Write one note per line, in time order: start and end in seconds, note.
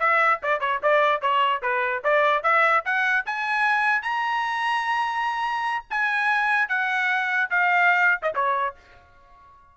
0.00 0.41 E5
0.43 0.60 D5
0.60 0.81 C#5
0.83 1.21 D5
1.21 1.62 C#5
1.62 2.03 B4
2.04 2.43 D5
2.43 2.84 E5
2.85 3.25 F#5
3.26 4.02 G#5
4.02 5.85 A#5
5.90 6.69 G#5
6.69 7.50 F#5
7.50 8.21 F5
8.22 8.32 D#5
8.35 8.75 C#5